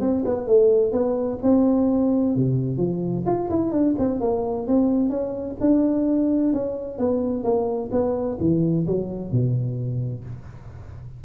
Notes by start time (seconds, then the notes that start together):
0.00 C4
0.25 B3
0.47 A3
0.92 B3
1.42 C4
2.35 C3
2.77 F3
3.26 F4
3.50 E4
3.71 D4
3.98 C4
4.20 A#3
4.67 C4
5.10 C#4
5.60 D4
6.53 C#4
6.98 B3
7.43 A#3
7.91 B3
8.40 E3
8.87 F#3
9.31 B2